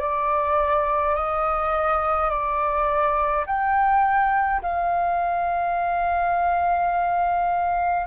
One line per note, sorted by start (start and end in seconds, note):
0.00 1.15 D5
1.15 2.30 D#5
2.30 3.46 D5
3.47 4.62 G5
4.63 8.07 F5